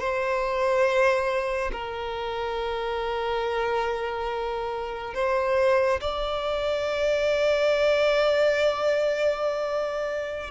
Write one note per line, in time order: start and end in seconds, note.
0.00 1.71 C5
1.73 5.15 A#4
5.15 6.00 C5
6.01 10.51 D5